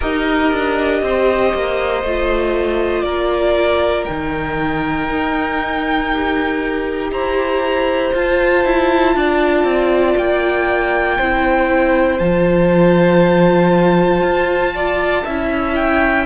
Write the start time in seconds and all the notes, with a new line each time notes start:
0.00 D#4 G4 A#4 D#5
0.52 D4
1.02 C4 C5
1.53 A#3
2.03 A3 F4
3.02 A#3 A#4 D5
4.05 D#3 D#4 G5
5.08 D#4
6.13 G4
7.10 E4 C5 A#5
8.14 F4 A5
8.64 E4
9.15 D4 D5
9.63 C4
10.16 A#3 G5
11.17 C4 E4 C5
12.18 F3 F4 A5
14.22 F4
14.74 D5
15.24 C#4 E4 E5
15.75 G5